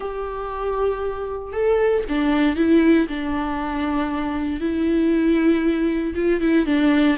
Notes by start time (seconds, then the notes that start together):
0.00 G4
1.52 A4
2.08 D4
2.56 E4
3.07 D4
4.60 E4
6.15 F4
6.40 E4
6.65 D4